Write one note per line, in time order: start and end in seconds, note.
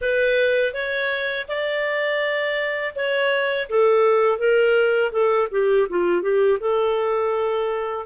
0.01 0.73 B4
0.73 1.46 C#5
1.48 2.94 D5
2.95 3.68 C#5
3.69 4.38 A4
4.38 5.11 A#4
5.12 5.48 A4
5.51 5.87 G4
5.89 6.22 F4
6.22 6.58 G4
6.60 8.06 A4